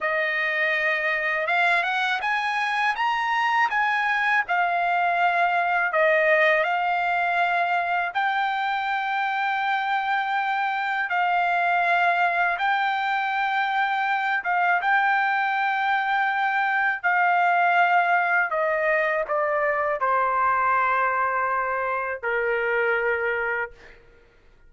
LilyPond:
\new Staff \with { instrumentName = "trumpet" } { \time 4/4 \tempo 4 = 81 dis''2 f''8 fis''8 gis''4 | ais''4 gis''4 f''2 | dis''4 f''2 g''4~ | g''2. f''4~ |
f''4 g''2~ g''8 f''8 | g''2. f''4~ | f''4 dis''4 d''4 c''4~ | c''2 ais'2 | }